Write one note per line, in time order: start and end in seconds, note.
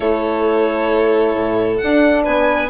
0.00 1.34 A3
0.00 1.80 E4
0.00 2.23 A4
0.00 1.77 C#5
1.34 1.79 A2
1.77 2.26 D4
1.77 2.22 F#5
1.83 2.69 D4
2.23 2.69 B3
2.23 2.68 B4
2.23 2.69 G#5